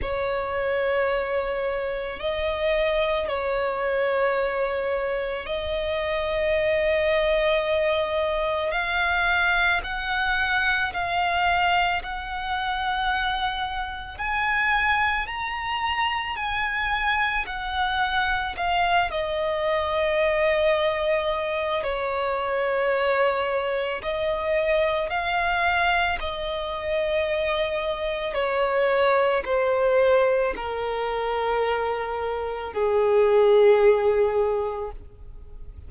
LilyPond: \new Staff \with { instrumentName = "violin" } { \time 4/4 \tempo 4 = 55 cis''2 dis''4 cis''4~ | cis''4 dis''2. | f''4 fis''4 f''4 fis''4~ | fis''4 gis''4 ais''4 gis''4 |
fis''4 f''8 dis''2~ dis''8 | cis''2 dis''4 f''4 | dis''2 cis''4 c''4 | ais'2 gis'2 | }